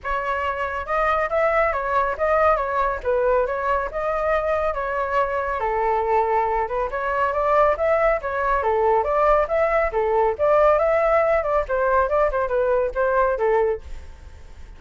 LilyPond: \new Staff \with { instrumentName = "flute" } { \time 4/4 \tempo 4 = 139 cis''2 dis''4 e''4 | cis''4 dis''4 cis''4 b'4 | cis''4 dis''2 cis''4~ | cis''4 a'2~ a'8 b'8 |
cis''4 d''4 e''4 cis''4 | a'4 d''4 e''4 a'4 | d''4 e''4. d''8 c''4 | d''8 c''8 b'4 c''4 a'4 | }